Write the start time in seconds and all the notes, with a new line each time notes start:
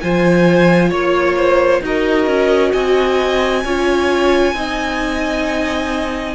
0.00 F3 F4 C5 G#5
0.89 A#3 C#5
1.36 C5
1.81 D#4 F#4 A#4 D#5
2.26 C#4
2.72 C4 D#5 G#5
3.64 C#4 F4 C#5
4.53 C4 D#4 D#5